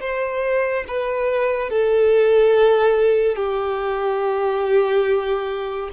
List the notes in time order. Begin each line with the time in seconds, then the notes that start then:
0.00 C5
0.88 B4
1.70 A4
3.36 G4